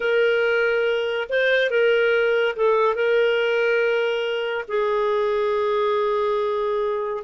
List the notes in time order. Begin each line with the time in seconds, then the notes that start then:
0.00 A#4
1.29 C5
1.70 A#4
2.56 A4
2.95 A#4
4.68 G#4